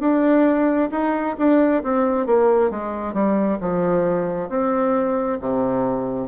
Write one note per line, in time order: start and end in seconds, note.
0.00 0.90 D4
0.91 1.36 D#4
1.38 1.83 D4
1.84 2.26 C4
2.26 2.70 A#3
2.70 3.14 G#3
3.14 3.59 G3
3.60 4.49 F3
4.49 5.39 C4
5.41 6.28 C3